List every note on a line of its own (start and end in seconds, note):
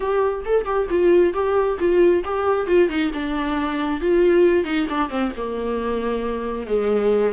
0.00 0.44 G4
0.45 0.65 A4
0.65 0.87 G4
0.90 1.33 F4
1.33 1.78 G4
1.79 2.23 F4
2.24 2.66 G4
2.66 2.89 F4
2.89 3.11 D#4
3.13 4.00 D4
4.00 4.64 F4
4.64 4.86 D#4
4.89 5.09 D4
5.09 5.32 C4
5.37 6.66 A#3
6.66 7.32 G#3